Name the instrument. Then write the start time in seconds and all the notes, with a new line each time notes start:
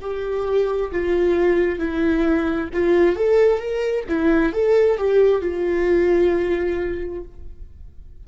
viola
0.00 G4
0.91 F4
1.79 E4
2.73 F4
3.16 A4
3.59 A#4
4.08 E4
4.52 A4
4.98 G4
5.41 F4